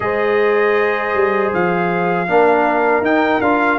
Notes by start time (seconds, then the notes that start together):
0.00 G#3 G#4 C5 D#5
1.13 G3
1.53 F3 F5
2.27 A#3 D4 A#4
3.01 D#4 G5
3.41 D4 F4 F5